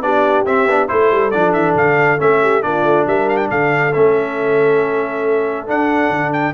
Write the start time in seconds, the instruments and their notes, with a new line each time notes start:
0.00 tuba B3, trombone D4, horn G4, trumpet D5
0.44 tuba C4, trombone C4, trumpet E5
0.66 tuba B3, trombone D4
0.87 tuba A3, trombone E4, horn A4, trumpet C5
1.11 tuba G3
1.30 tuba F3, trombone D4, trumpet D5
1.52 tuba E3, trumpet E5
1.75 tuba D3, trumpet F5
2.18 tuba A3, trombone C#4, trumpet E5
2.42 horn G4
2.61 tuba A#3, trombone D4, horn F4, trumpet D5
2.83 tuba A3
3.06 tuba G3, horn A#4, trumpet E5
3.28 trumpet F5
3.37 trumpet G5
3.50 tuba D3, horn A4, trumpet F5
3.93 tuba A3, trombone C#4, trumpet E5
5.66 trombone D4, tuba D4, trumpet F#5
6.10 tuba D3
6.32 trumpet G5